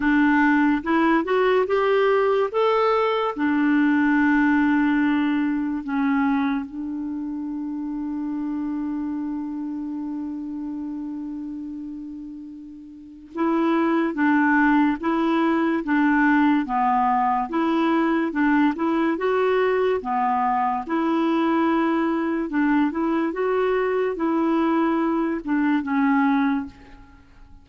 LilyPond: \new Staff \with { instrumentName = "clarinet" } { \time 4/4 \tempo 4 = 72 d'4 e'8 fis'8 g'4 a'4 | d'2. cis'4 | d'1~ | d'1 |
e'4 d'4 e'4 d'4 | b4 e'4 d'8 e'8 fis'4 | b4 e'2 d'8 e'8 | fis'4 e'4. d'8 cis'4 | }